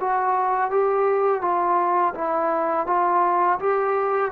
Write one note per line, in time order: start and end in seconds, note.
0.00 0.70 F#4
0.70 1.41 G4
1.41 2.14 F4
2.14 2.87 E4
2.87 3.59 F4
3.59 4.31 G4